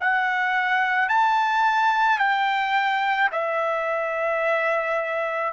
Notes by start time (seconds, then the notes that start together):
0.00 F#5
1.09 A5
2.18 G5
3.32 E5